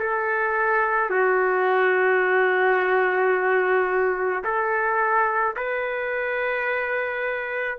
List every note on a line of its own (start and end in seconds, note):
0.00 1.10 A4
1.10 4.43 F#4
4.44 5.56 A4
5.57 7.79 B4